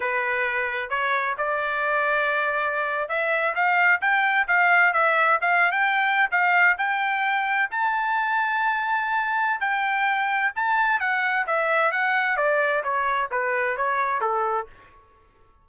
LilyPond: \new Staff \with { instrumentName = "trumpet" } { \time 4/4 \tempo 4 = 131 b'2 cis''4 d''4~ | d''2~ d''8. e''4 f''16~ | f''8. g''4 f''4 e''4 f''16~ | f''8 g''4~ g''16 f''4 g''4~ g''16~ |
g''8. a''2.~ a''16~ | a''4 g''2 a''4 | fis''4 e''4 fis''4 d''4 | cis''4 b'4 cis''4 a'4 | }